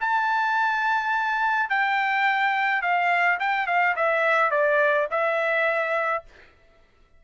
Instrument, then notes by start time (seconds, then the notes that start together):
trumpet
0.00 A5
1.69 G5
2.82 F5
3.39 G5
3.67 F5
3.96 E5
4.51 D5
5.10 E5